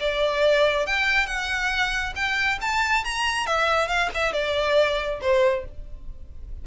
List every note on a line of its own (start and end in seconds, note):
0.00 0.86 D5
0.86 1.26 G5
1.26 2.13 F#5
2.15 2.59 G5
2.61 3.05 A5
3.05 3.46 A#5
3.46 3.88 E5
3.88 4.10 F5
4.14 4.33 E5
4.33 5.20 D5
5.21 5.65 C5